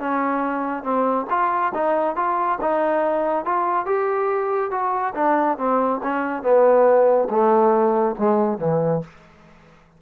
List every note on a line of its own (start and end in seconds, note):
0.00 0.84 C#4
0.84 1.27 C4
1.30 1.73 F4
1.75 2.16 D#4
2.16 2.59 F4
2.62 3.46 D#4
3.46 3.86 F4
3.86 4.71 G4
4.71 5.14 F#4
5.15 5.58 D4
5.58 6.01 C4
6.04 6.43 C#4
6.43 7.29 B3
7.30 8.16 A3
8.19 8.59 G#3
8.59 9.02 E3